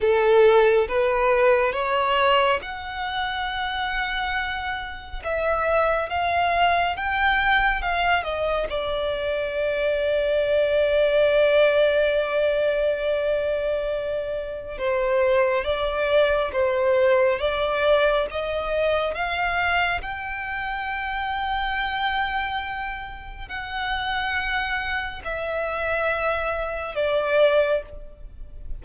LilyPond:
\new Staff \with { instrumentName = "violin" } { \time 4/4 \tempo 4 = 69 a'4 b'4 cis''4 fis''4~ | fis''2 e''4 f''4 | g''4 f''8 dis''8 d''2~ | d''1~ |
d''4 c''4 d''4 c''4 | d''4 dis''4 f''4 g''4~ | g''2. fis''4~ | fis''4 e''2 d''4 | }